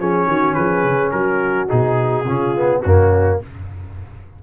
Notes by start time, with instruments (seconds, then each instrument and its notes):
0.00 tuba F3, trombone C#4, horn G#4, trumpet C#5
0.27 tuba D#3, horn F#4
0.54 tuba F3, horn G#4, trumpet B4
0.85 tuba C#3
1.12 tuba F#3, horn F#4, trumpet A#4
1.68 tuba B2, trombone D#4, trumpet G#4
2.25 tuba C#3, trombone C#4, horn F4
2.56 trombone B3
2.82 tuba F#2, trombone A#3, horn C#4, trumpet F#4